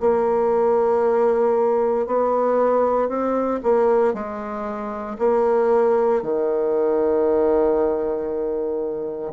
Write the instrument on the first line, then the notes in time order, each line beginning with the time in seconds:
bassoon
0.00 A#3
2.07 B3
3.08 C4
3.63 A#3
4.14 G#3
5.19 A#3
6.22 D#3